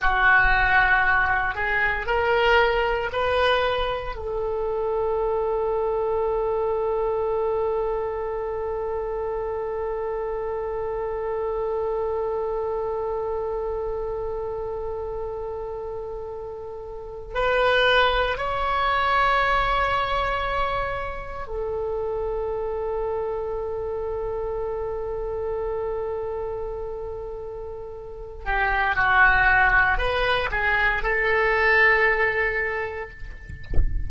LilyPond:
\new Staff \with { instrumentName = "oboe" } { \time 4/4 \tempo 4 = 58 fis'4. gis'8 ais'4 b'4 | a'1~ | a'1~ | a'1~ |
a'8. b'4 cis''2~ cis''16~ | cis''8. a'2.~ a'16~ | a'2.~ a'8 g'8 | fis'4 b'8 gis'8 a'2 | }